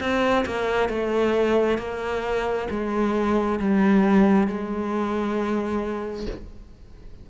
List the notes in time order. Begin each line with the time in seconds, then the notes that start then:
0.00 C4
0.46 A#3
0.89 A3
1.78 A#3
2.70 G#3
3.59 G3
4.47 G#3